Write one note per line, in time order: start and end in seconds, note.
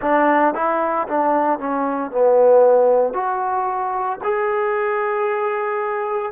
0.01 0.54 D4
0.54 1.07 E4
1.08 1.59 D4
1.59 2.11 C#4
2.11 3.13 B3
3.13 4.18 F#4
4.23 6.32 G#4